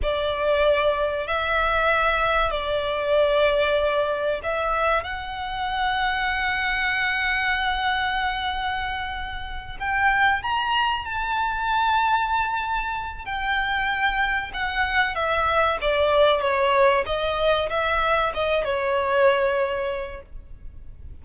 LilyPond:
\new Staff \with { instrumentName = "violin" } { \time 4/4 \tempo 4 = 95 d''2 e''2 | d''2. e''4 | fis''1~ | fis''2.~ fis''8 g''8~ |
g''8 ais''4 a''2~ a''8~ | a''4 g''2 fis''4 | e''4 d''4 cis''4 dis''4 | e''4 dis''8 cis''2~ cis''8 | }